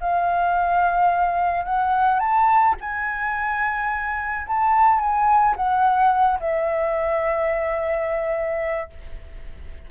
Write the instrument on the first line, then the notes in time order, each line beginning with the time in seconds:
flute
0.00 F5
1.65 F#5
2.19 A5
2.81 G#5
4.47 A5
4.99 G#5
5.56 F#5
6.40 E5